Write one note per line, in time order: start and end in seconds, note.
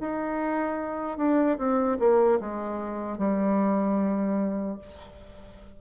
0.00 1.18 D#4
1.18 1.58 D4
1.58 1.98 C4
1.99 2.39 A#3
2.40 3.18 G#3
3.18 4.78 G3